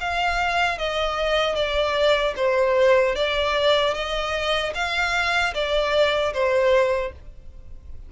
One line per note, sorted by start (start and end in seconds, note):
0.00 0.78 F5
0.78 1.55 D#5
1.55 2.34 D5
2.36 3.15 C5
3.15 3.94 D5
3.94 4.73 D#5
4.75 5.54 F5
5.54 6.33 D5
6.33 7.12 C5